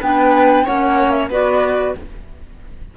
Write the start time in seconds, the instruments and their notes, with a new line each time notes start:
0.00 cello B3, clarinet D4, violin B4, flute G5
0.64 cello A#3, clarinet C#4, violin C#5, flute F#5
1.10 flute E5
1.29 cello B3, clarinet F#4, violin B4, flute D5